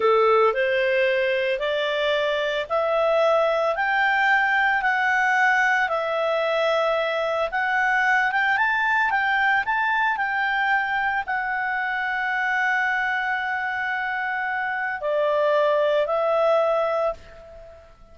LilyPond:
\new Staff \with { instrumentName = "clarinet" } { \time 4/4 \tempo 4 = 112 a'4 c''2 d''4~ | d''4 e''2 g''4~ | g''4 fis''2 e''4~ | e''2 fis''4. g''8 |
a''4 g''4 a''4 g''4~ | g''4 fis''2.~ | fis''1 | d''2 e''2 | }